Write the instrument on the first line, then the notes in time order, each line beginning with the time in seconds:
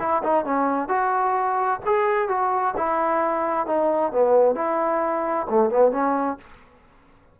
trombone
0.00 E4
0.24 D#4
0.45 C#4
0.89 F#4
1.86 G#4
2.29 F#4
2.77 E4
3.67 D#4
4.12 B3
4.55 E4
5.50 A3
5.70 B3
5.92 C#4